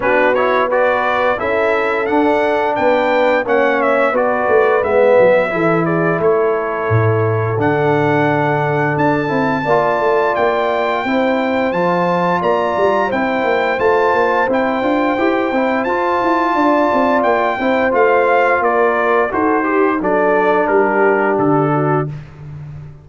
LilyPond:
<<
  \new Staff \with { instrumentName = "trumpet" } { \time 4/4 \tempo 4 = 87 b'8 cis''8 d''4 e''4 fis''4 | g''4 fis''8 e''8 d''4 e''4~ | e''8 d''8 cis''2 fis''4~ | fis''4 a''2 g''4~ |
g''4 a''4 ais''4 g''4 | a''4 g''2 a''4~ | a''4 g''4 f''4 d''4 | c''4 d''4 ais'4 a'4 | }
  \new Staff \with { instrumentName = "horn" } { \time 4/4 fis'4 b'4 a'2 | b'4 cis''4 b'2 | a'8 gis'8 a'2.~ | a'2 d''2 |
c''2 d''4 c''4~ | c''1 | d''4. c''4. ais'4 | a'8 g'8 a'4 g'4. fis'8 | }
  \new Staff \with { instrumentName = "trombone" } { \time 4/4 d'8 e'8 fis'4 e'4 d'4~ | d'4 cis'4 fis'4 b4 | e'2. d'4~ | d'4. e'8 f'2 |
e'4 f'2 e'4 | f'4 e'8 f'8 g'8 e'8 f'4~ | f'4. e'8 f'2 | fis'8 g'8 d'2. | }
  \new Staff \with { instrumentName = "tuba" } { \time 4/4 b2 cis'4 d'4 | b4 ais4 b8 a8 gis8 fis8 | e4 a4 a,4 d4~ | d4 d'8 c'8 ais8 a8 ais4 |
c'4 f4 ais8 g8 c'8 ais8 | a8 ais8 c'8 d'8 e'8 c'8 f'8 e'8 | d'8 c'8 ais8 c'8 a4 ais4 | dis'4 fis4 g4 d4 | }
>>